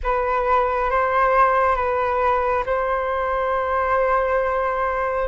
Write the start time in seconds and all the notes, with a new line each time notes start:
0.03 B4
0.90 C5
1.75 B4
2.66 C5